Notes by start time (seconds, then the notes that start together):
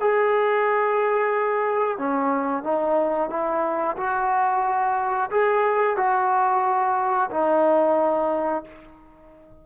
0.00 G#4
1.98 C#4
2.63 D#4
3.30 E4
3.97 F#4
5.31 G#4
5.97 F#4
7.31 D#4